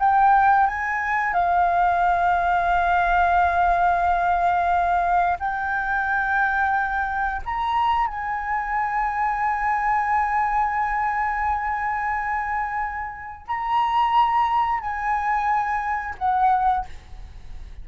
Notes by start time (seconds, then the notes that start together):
0.00 G5
0.67 G#5
1.34 F5
5.40 G5
7.46 A#5
8.07 G#5
13.47 A#5
14.81 G#5
16.19 F#5